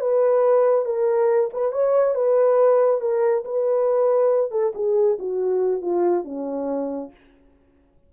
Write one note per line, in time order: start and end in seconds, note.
0.00 0.85 B4
0.85 1.50 A#4
1.53 1.72 B4
1.72 2.14 C#5
2.14 3.00 B4
3.00 3.44 A#4
3.44 4.51 B4
4.51 4.73 A4
4.75 5.18 G#4
5.19 5.81 F#4
5.81 6.24 F4
6.24 7.10 C#4